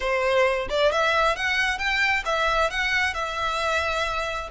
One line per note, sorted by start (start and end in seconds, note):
0.00 0.67 C5
0.69 0.92 D5
0.92 1.35 E5
1.35 1.78 F#5
1.78 2.23 G5
2.25 2.70 E5
2.70 3.14 F#5
3.14 4.49 E5